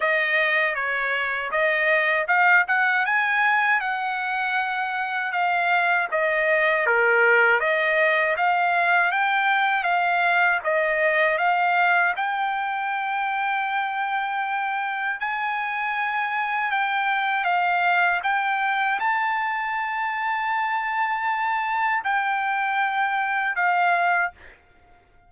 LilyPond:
\new Staff \with { instrumentName = "trumpet" } { \time 4/4 \tempo 4 = 79 dis''4 cis''4 dis''4 f''8 fis''8 | gis''4 fis''2 f''4 | dis''4 ais'4 dis''4 f''4 | g''4 f''4 dis''4 f''4 |
g''1 | gis''2 g''4 f''4 | g''4 a''2.~ | a''4 g''2 f''4 | }